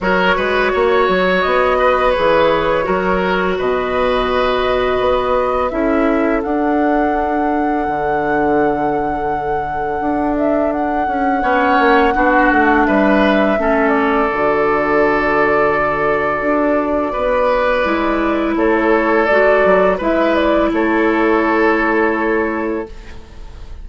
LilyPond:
<<
  \new Staff \with { instrumentName = "flute" } { \time 4/4 \tempo 4 = 84 cis''2 dis''4 cis''4~ | cis''4 dis''2. | e''4 fis''2.~ | fis''2~ fis''8 e''8 fis''4~ |
fis''2 e''4. d''8~ | d''1~ | d''2 cis''4 d''4 | e''8 d''8 cis''2. | }
  \new Staff \with { instrumentName = "oboe" } { \time 4/4 ais'8 b'8 cis''4. b'4. | ais'4 b'2. | a'1~ | a'1 |
cis''4 fis'4 b'4 a'4~ | a'1 | b'2 a'2 | b'4 a'2. | }
  \new Staff \with { instrumentName = "clarinet" } { \time 4/4 fis'2. gis'4 | fis'1 | e'4 d'2.~ | d'1 |
cis'4 d'2 cis'4 | fis'1~ | fis'4 e'2 fis'4 | e'1 | }
  \new Staff \with { instrumentName = "bassoon" } { \time 4/4 fis8 gis8 ais8 fis8 b4 e4 | fis4 b,2 b4 | cis'4 d'2 d4~ | d2 d'4. cis'8 |
b8 ais8 b8 a8 g4 a4 | d2. d'4 | b4 gis4 a4 gis8 fis8 | gis4 a2. | }
>>